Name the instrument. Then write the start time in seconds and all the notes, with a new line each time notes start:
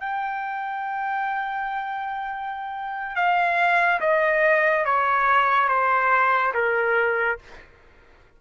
trumpet
0.00 G5
3.16 F5
4.01 D#5
4.85 C#5
5.69 C5
6.54 A#4